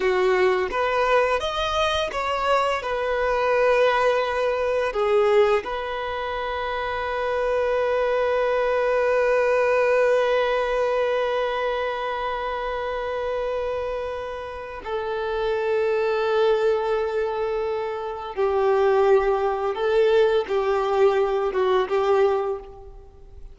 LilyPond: \new Staff \with { instrumentName = "violin" } { \time 4/4 \tempo 4 = 85 fis'4 b'4 dis''4 cis''4 | b'2. gis'4 | b'1~ | b'1~ |
b'1~ | b'4 a'2.~ | a'2 g'2 | a'4 g'4. fis'8 g'4 | }